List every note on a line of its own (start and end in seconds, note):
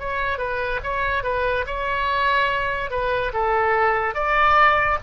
0.00 0.38 C#5
0.38 0.80 B4
0.83 1.23 C#5
1.23 1.65 B4
1.67 2.91 C#5
2.91 3.33 B4
3.33 4.15 A4
4.15 4.98 D5